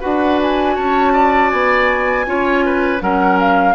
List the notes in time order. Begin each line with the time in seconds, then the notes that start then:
0.00 D4 F#4 B4 F#5
0.42 G#5
0.75 C#4 C#5 A5
1.13 D5
1.50 B3 G#5
2.26 C#4 F4 C#5
2.65 B4
2.99 F#3 C#4 A#4 F#5
3.40 F5